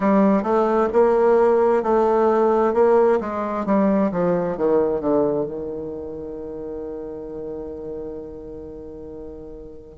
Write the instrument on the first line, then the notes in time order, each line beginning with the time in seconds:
bassoon
0.00 G3
0.43 A3
0.93 A#3
1.82 A3
2.73 A#3
3.20 G#3
3.65 G3
4.12 F3
4.57 D#3
5.00 D3
5.45 D#3